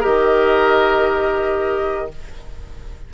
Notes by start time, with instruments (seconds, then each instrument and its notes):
0.00 bassoon D#3, clarinet G4, oboe A#4, flute D#5